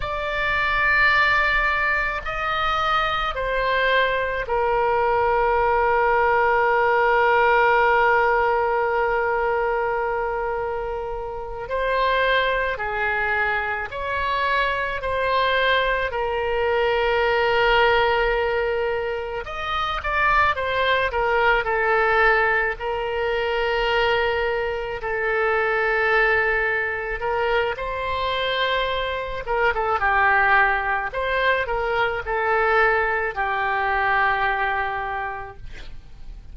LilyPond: \new Staff \with { instrumentName = "oboe" } { \time 4/4 \tempo 4 = 54 d''2 dis''4 c''4 | ais'1~ | ais'2~ ais'8 c''4 gis'8~ | gis'8 cis''4 c''4 ais'4.~ |
ais'4. dis''8 d''8 c''8 ais'8 a'8~ | a'8 ais'2 a'4.~ | a'8 ais'8 c''4. ais'16 a'16 g'4 | c''8 ais'8 a'4 g'2 | }